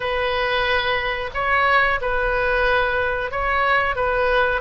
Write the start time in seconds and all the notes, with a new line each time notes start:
0.00 B4
1.34 C#5
2.01 B4
3.31 C#5
3.95 B4